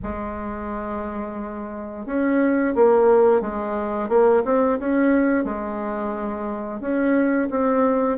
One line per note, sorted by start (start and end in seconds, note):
0.02 2.06 G#3
2.06 2.74 C#4
2.75 3.41 A#3
3.41 4.08 G#3
4.08 4.43 A#3
4.44 4.79 C4
4.79 5.44 C#4
5.44 6.80 G#3
6.80 7.48 C#4
7.50 8.18 C4